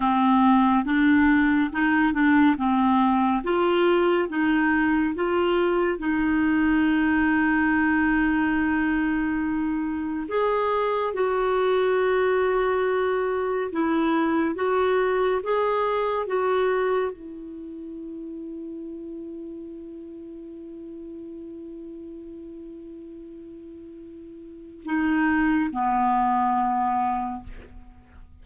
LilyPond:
\new Staff \with { instrumentName = "clarinet" } { \time 4/4 \tempo 4 = 70 c'4 d'4 dis'8 d'8 c'4 | f'4 dis'4 f'4 dis'4~ | dis'1 | gis'4 fis'2. |
e'4 fis'4 gis'4 fis'4 | e'1~ | e'1~ | e'4 dis'4 b2 | }